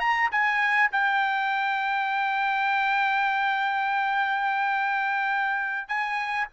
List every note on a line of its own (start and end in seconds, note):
0.00 0.29 A#5
0.32 0.91 G#5
0.92 5.89 G5
5.89 6.47 G#5